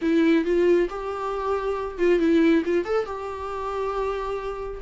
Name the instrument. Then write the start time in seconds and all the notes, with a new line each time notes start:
viola
0.01 E4
0.44 F4
0.89 G4
1.98 F4
2.19 E4
2.65 F4
2.84 A4
3.05 G4